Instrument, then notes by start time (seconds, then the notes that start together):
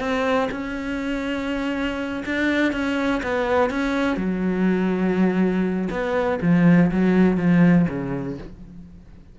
cello
0.00 C4
0.52 C#4
2.26 D4
2.73 C#4
3.23 B3
3.70 C#4
4.17 F#3
5.91 B3
6.42 F3
6.92 F#3
7.38 F3
7.89 C#3